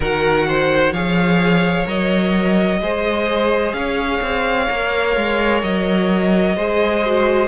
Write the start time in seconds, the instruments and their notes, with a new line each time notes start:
0.00 cello D#3, viola F#4, violin A#4 F#5
0.48 violin C5
0.92 cello F3, viola G#4, violin C#5 F5
1.85 cello F#3, viola A#4, violin D#5
2.80 cello G#3, viola G#4, violin C5
3.73 cello C#4, violin C#5 F5
4.21 cello C4
4.69 cello A#3, viola A#4
5.16 cello G#3
5.62 cello F#3, violin D#5
6.55 cello G#3, viola G#4, violin C5
7.04 viola F#4